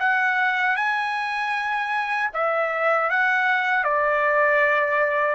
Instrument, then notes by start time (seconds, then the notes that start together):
trumpet
0.00 F#5
0.77 G#5
2.34 E5
3.10 F#5
3.84 D5